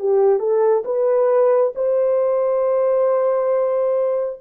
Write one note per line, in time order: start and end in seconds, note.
0.00 0.40 G4
0.40 0.84 A4
0.85 1.74 B4
1.76 4.40 C5